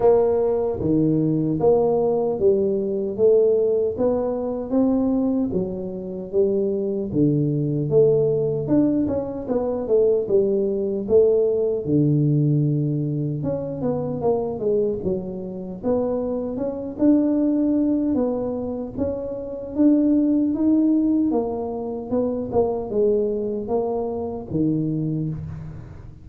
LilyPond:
\new Staff \with { instrumentName = "tuba" } { \time 4/4 \tempo 4 = 76 ais4 dis4 ais4 g4 | a4 b4 c'4 fis4 | g4 d4 a4 d'8 cis'8 | b8 a8 g4 a4 d4~ |
d4 cis'8 b8 ais8 gis8 fis4 | b4 cis'8 d'4. b4 | cis'4 d'4 dis'4 ais4 | b8 ais8 gis4 ais4 dis4 | }